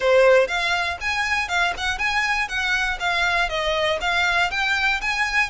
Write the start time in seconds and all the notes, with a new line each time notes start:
0.00 C5
0.47 F5
1.00 G#5
1.48 F5
1.77 F#5
1.98 G#5
2.48 F#5
2.99 F5
3.49 D#5
4.00 F5
4.50 G5
5.01 G#5